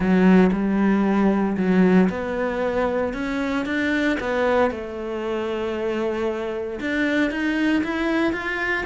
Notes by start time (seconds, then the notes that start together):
0.00 F#3
0.52 G3
1.57 F#3
2.09 B3
3.13 C#4
3.65 D4
4.20 B3
4.71 A3
6.80 D4
7.30 D#4
7.83 E4
8.32 F4